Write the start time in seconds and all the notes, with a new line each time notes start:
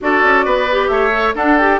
0.00 D4 F#4 A4 D5
0.23 C#4
0.45 B3 B4
0.71 G4
0.87 A3 C#5 E5
1.11 A4
1.34 D4 A4 F#5
1.57 G4 G5